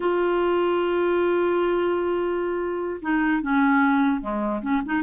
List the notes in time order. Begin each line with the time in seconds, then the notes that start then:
0.00 F4
3.01 D#4
3.42 C#4
4.21 G#3
4.62 C#4
4.85 D#4